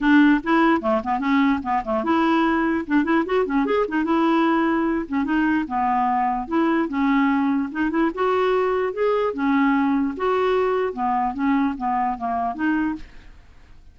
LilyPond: \new Staff \with { instrumentName = "clarinet" } { \time 4/4 \tempo 4 = 148 d'4 e'4 a8 b8 cis'4 | b8 a8 e'2 d'8 e'8 | fis'8 cis'8 gis'8 dis'8 e'2~ | e'8 cis'8 dis'4 b2 |
e'4 cis'2 dis'8 e'8 | fis'2 gis'4 cis'4~ | cis'4 fis'2 b4 | cis'4 b4 ais4 dis'4 | }